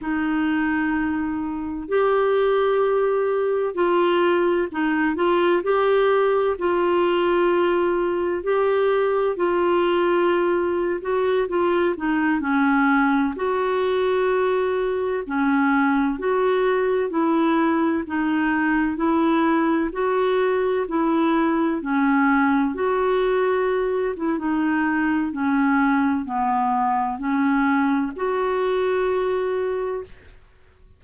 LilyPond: \new Staff \with { instrumentName = "clarinet" } { \time 4/4 \tempo 4 = 64 dis'2 g'2 | f'4 dis'8 f'8 g'4 f'4~ | f'4 g'4 f'4.~ f'16 fis'16~ | fis'16 f'8 dis'8 cis'4 fis'4.~ fis'16~ |
fis'16 cis'4 fis'4 e'4 dis'8.~ | dis'16 e'4 fis'4 e'4 cis'8.~ | cis'16 fis'4. e'16 dis'4 cis'4 | b4 cis'4 fis'2 | }